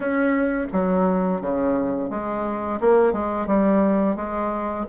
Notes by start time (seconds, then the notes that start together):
0.00 C#4
0.72 F#3
1.41 C#3
2.09 G#3
2.80 A#3
3.12 G#3
3.47 G3
4.15 G#3